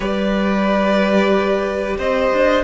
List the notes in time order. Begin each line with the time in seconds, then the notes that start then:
0.00 G3 G4 B4 D5
1.97 C4 C5 D#5
2.32 D4